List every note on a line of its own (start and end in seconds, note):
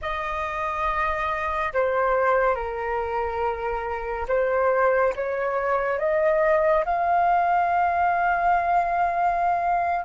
0.01 1.73 D#5
1.73 2.55 C5
2.55 4.26 A#4
4.27 5.13 C5
5.15 5.98 C#5
5.98 6.84 D#5
6.85 10.05 F5